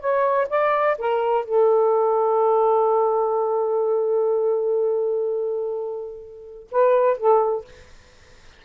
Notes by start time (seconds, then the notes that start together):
0.00 C#5
0.50 D5
0.98 A#4
1.45 A4
6.71 B4
7.17 A4